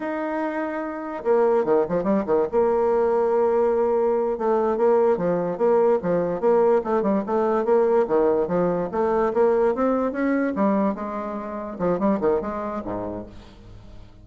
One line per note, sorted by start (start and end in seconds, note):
0.00 1.23 D#4
1.24 1.64 A#3
1.64 1.85 D#3
1.88 2.03 F3
2.03 2.24 G3
2.26 2.46 D#3
2.51 4.37 A#3
4.37 4.77 A3
4.77 5.17 A#3
5.17 5.57 F3
5.57 5.98 A#3
6.02 6.40 F3
6.40 6.81 A#3
6.84 7.02 A3
7.02 7.23 G3
7.26 7.64 A3
7.64 8.06 A#3
8.07 8.47 D#3
8.47 8.89 F3
8.91 9.33 A3
9.33 9.74 A#3
9.74 10.12 C4
10.12 10.53 C#4
10.55 10.94 G3
10.94 11.77 G#3
11.78 11.99 F3
11.99 12.19 G3
12.20 12.41 D#3
12.41 12.82 G#3
12.84 13.26 G#2